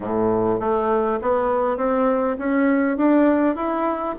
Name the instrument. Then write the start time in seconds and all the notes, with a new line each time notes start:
bassoon
0.00 A2
0.59 A3
1.21 B3
1.77 C4
2.38 C#4
2.97 D4
3.55 E4